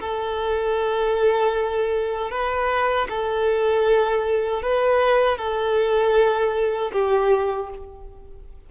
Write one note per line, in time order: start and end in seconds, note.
0.00 2.30 A4
2.30 3.07 B4
3.09 4.62 A4
4.62 5.37 B4
5.37 6.91 A4
6.92 7.69 G4